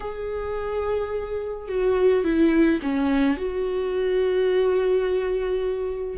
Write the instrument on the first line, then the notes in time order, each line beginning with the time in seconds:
viola
0.00 G#4
1.68 F#4
2.24 E4
2.82 C#4
3.37 F#4